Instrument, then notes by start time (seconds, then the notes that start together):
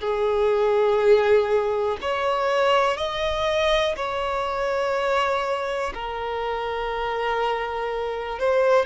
violin
0.00 G#4
2.01 C#5
2.96 D#5
3.96 C#5
5.94 A#4
8.38 C5